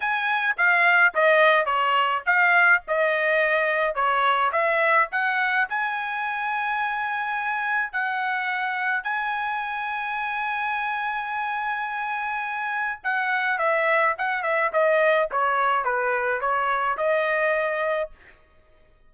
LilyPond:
\new Staff \with { instrumentName = "trumpet" } { \time 4/4 \tempo 4 = 106 gis''4 f''4 dis''4 cis''4 | f''4 dis''2 cis''4 | e''4 fis''4 gis''2~ | gis''2 fis''2 |
gis''1~ | gis''2. fis''4 | e''4 fis''8 e''8 dis''4 cis''4 | b'4 cis''4 dis''2 | }